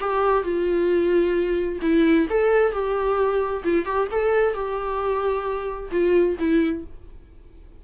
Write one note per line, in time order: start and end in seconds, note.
0.00 0.43 G4
0.43 1.79 F4
1.81 2.27 E4
2.30 2.72 A4
2.72 3.63 G4
3.64 3.85 F4
3.85 4.08 G4
4.11 4.54 A4
4.54 5.90 G4
5.91 6.37 F4
6.39 6.84 E4